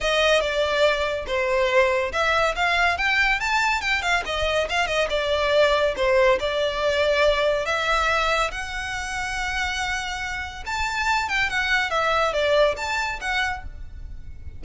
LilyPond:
\new Staff \with { instrumentName = "violin" } { \time 4/4 \tempo 4 = 141 dis''4 d''2 c''4~ | c''4 e''4 f''4 g''4 | a''4 g''8 f''8 dis''4 f''8 dis''8 | d''2 c''4 d''4~ |
d''2 e''2 | fis''1~ | fis''4 a''4. g''8 fis''4 | e''4 d''4 a''4 fis''4 | }